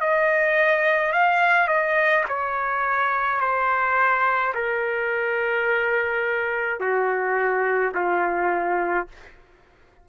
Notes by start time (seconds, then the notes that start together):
0.00 D#5
1.12 F5
1.67 D#5
2.28 C#5
3.40 C5
4.54 A#4
6.80 F#4
7.94 F4